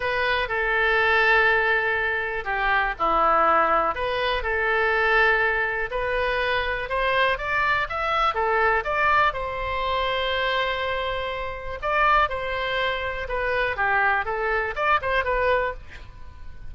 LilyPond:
\new Staff \with { instrumentName = "oboe" } { \time 4/4 \tempo 4 = 122 b'4 a'2.~ | a'4 g'4 e'2 | b'4 a'2. | b'2 c''4 d''4 |
e''4 a'4 d''4 c''4~ | c''1 | d''4 c''2 b'4 | g'4 a'4 d''8 c''8 b'4 | }